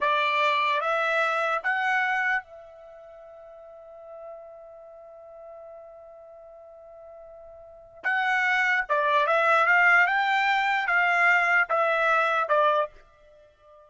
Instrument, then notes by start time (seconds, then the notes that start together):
trumpet
0.00 D5
0.80 E5
1.63 F#5
2.43 E5
8.03 F#5
8.88 D5
9.27 E5
9.66 F5
10.07 G5
10.87 F5
11.69 E5
12.48 D5